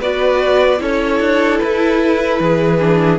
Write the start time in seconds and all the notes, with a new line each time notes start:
0.00 B3 F#4 B4 D5
0.78 C#4 E4 A4 C#5
1.20 D4
1.58 E4 B4
2.40 E3 G#4
2.80 D4